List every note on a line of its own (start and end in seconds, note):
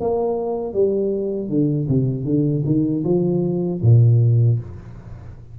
0.00 0.73 A#3
0.73 1.49 G3
1.49 1.87 D3
1.88 2.24 C3
2.24 2.63 D3
2.65 3.03 D#3
3.03 3.80 F3
3.82 4.59 A#2